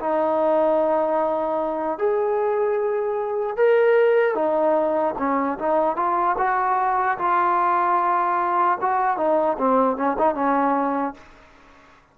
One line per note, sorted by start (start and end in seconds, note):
0.00 1.99 D#4
1.99 3.57 G#4
3.57 4.35 A#4
4.35 5.15 D#4
5.19 5.59 C#4
5.59 5.97 D#4
5.97 6.37 F4
6.38 7.18 F#4
7.19 8.79 F4
8.81 9.17 F#4
9.17 9.57 D#4
9.59 9.97 C4
9.97 10.17 C#4
10.19 10.35 D#4
10.35 11.15 C#4